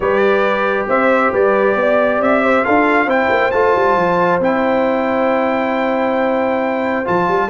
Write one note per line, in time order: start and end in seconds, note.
0.00 0.85 G3
0.00 2.64 G4
0.00 0.88 B4
0.00 0.87 D5
0.88 1.32 C4
0.88 1.32 C5
0.88 1.33 E5
1.32 1.75 G3
1.32 1.76 B4
1.32 2.22 D5
1.75 2.19 B3
1.75 2.44 D5
2.19 2.63 C4
2.19 2.65 E5
2.44 2.65 C5
2.64 3.06 D4
2.64 3.08 F4
2.64 3.06 A4
2.64 3.09 F5
3.06 3.28 C4
3.06 3.52 E4
3.06 7.47 C5
3.06 3.51 G5
3.29 3.51 A#3
3.51 3.74 A3
3.51 4.40 F4
3.51 4.39 A5
3.75 3.96 G3
3.96 4.39 F3
4.39 7.04 C4
4.39 7.04 E4
4.39 7.07 G5
7.04 7.28 F3
7.04 7.49 F4
7.04 7.49 A5
7.28 7.49 G3